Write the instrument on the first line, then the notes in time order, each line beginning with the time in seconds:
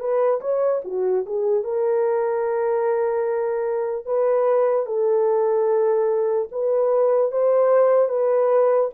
horn
0.00 B4
0.41 C#5
0.85 F#4
1.26 G#4
1.64 A#4
4.06 B4
4.86 A4
6.52 B4
7.32 C5
8.09 B4